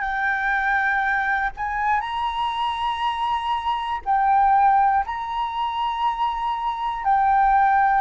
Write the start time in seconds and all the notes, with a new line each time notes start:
0.00 G5
1.57 G#5
2.00 A#5
4.05 G5
5.05 A#5
7.04 G5